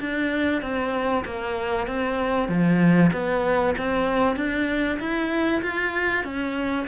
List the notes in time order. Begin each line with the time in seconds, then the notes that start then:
0.00 D4
0.62 C4
1.25 A#3
1.87 C4
2.49 F3
3.12 B3
3.78 C4
4.36 D4
4.99 E4
5.62 F4
6.24 C#4